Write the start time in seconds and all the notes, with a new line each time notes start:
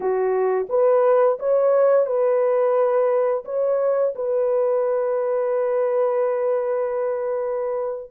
0.00 F#4
0.69 B4
1.39 C#5
2.06 B4
3.45 C#5
4.15 B4